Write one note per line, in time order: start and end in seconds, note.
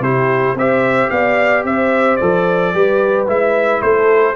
0.00 0.54 C3
0.00 0.57 E4
0.00 0.57 G4
0.00 0.57 C5
0.55 1.09 C4
0.55 2.21 G4
0.55 1.12 C5
0.55 1.10 E5
1.10 1.65 B3
1.10 1.66 D5
1.10 1.64 F5
1.65 2.19 C4
1.65 2.74 C5
1.65 2.16 E5
2.16 2.74 F3
2.16 2.74 A4
2.16 3.24 D5
2.74 3.28 G3
2.74 3.27 G4
2.74 3.82 B4
3.27 3.82 G#3
3.27 4.35 E4
3.27 3.82 E5
3.82 4.36 A3
3.82 4.36 A4
3.82 4.36 C5